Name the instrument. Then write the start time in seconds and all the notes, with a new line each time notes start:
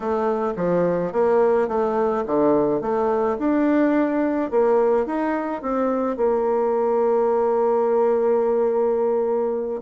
bassoon
0.00 A3
0.56 F3
1.12 A#3
1.67 A3
2.26 D3
2.81 A3
3.38 D4
4.50 A#3
5.05 D#4
5.62 C4
6.16 A#3